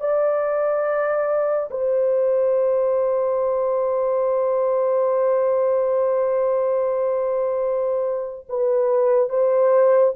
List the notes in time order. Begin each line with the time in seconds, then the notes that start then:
0.00 D5
1.70 C5
8.49 B4
9.29 C5